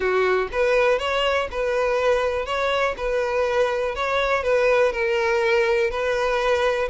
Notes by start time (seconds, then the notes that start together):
0.00 F#4
0.52 B4
0.98 C#5
1.51 B4
2.45 C#5
2.97 B4
3.95 C#5
4.43 B4
4.92 A#4
5.90 B4